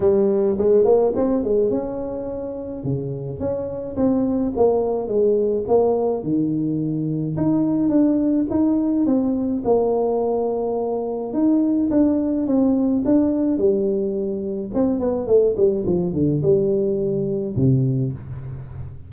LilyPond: \new Staff \with { instrumentName = "tuba" } { \time 4/4 \tempo 4 = 106 g4 gis8 ais8 c'8 gis8 cis'4~ | cis'4 cis4 cis'4 c'4 | ais4 gis4 ais4 dis4~ | dis4 dis'4 d'4 dis'4 |
c'4 ais2. | dis'4 d'4 c'4 d'4 | g2 c'8 b8 a8 g8 | f8 d8 g2 c4 | }